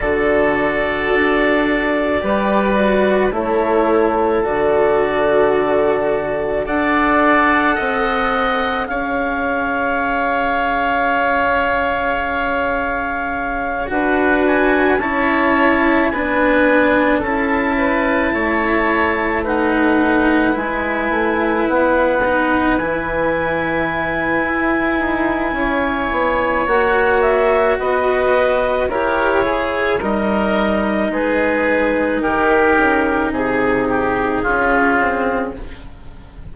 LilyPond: <<
  \new Staff \with { instrumentName = "clarinet" } { \time 4/4 \tempo 4 = 54 d''2. cis''4 | d''2 fis''2 | f''1~ | f''8 fis''8 gis''8 a''4 gis''4 a''8~ |
a''4. fis''4 gis''4 fis''8~ | fis''8 gis''2.~ gis''8 | fis''8 e''8 dis''4 cis''4 dis''4 | b'4 ais'4 gis'2 | }
  \new Staff \with { instrumentName = "oboe" } { \time 4/4 a'2 b'4 a'4~ | a'2 d''4 dis''4 | cis''1~ | cis''8 b'4 cis''4 b'4 a'8 |
b'8 cis''4 b'2~ b'8~ | b'2. cis''4~ | cis''4 b'4 ais'8 gis'8 ais'4 | gis'4 g'4 gis'8 g'8 f'4 | }
  \new Staff \with { instrumentName = "cello" } { \time 4/4 fis'2 g'8 fis'8 e'4 | fis'2 a'2 | gis'1~ | gis'8 fis'4 e'4 d'4 e'8~ |
e'4. dis'4 e'4. | dis'8 e'2.~ e'8 | fis'2 g'8 gis'8 dis'4~ | dis'2. cis'8 c'8 | }
  \new Staff \with { instrumentName = "bassoon" } { \time 4/4 d4 d'4 g4 a4 | d2 d'4 c'4 | cis'1~ | cis'8 d'4 cis'4 b4 cis'8~ |
cis'8 a2 gis8 a8 b8~ | b8 e4. e'8 dis'8 cis'8 b8 | ais4 b4 e'4 g4 | gis4 dis8 cis8 c4 cis4 | }
>>